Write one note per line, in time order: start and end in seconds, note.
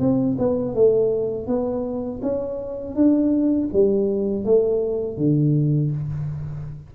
0.00 0.37 C4
0.39 0.75 B3
0.75 1.47 A3
1.47 2.21 B3
2.23 2.96 C#4
2.96 3.70 D4
3.73 4.45 G3
4.45 5.18 A3
5.18 5.92 D3